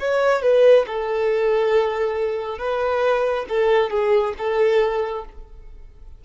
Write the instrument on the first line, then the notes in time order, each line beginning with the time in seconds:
violin
0.00 C#5
0.43 B4
0.87 A4
2.58 B4
3.49 A4
3.91 G#4
4.38 A4